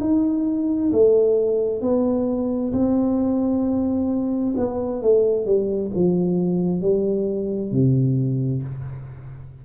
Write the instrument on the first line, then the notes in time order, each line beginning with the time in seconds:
tuba
0.00 D#4
0.92 A3
1.81 B3
2.73 C4
4.57 B3
5.02 A3
5.45 G3
5.95 F3
6.81 G3
7.71 C3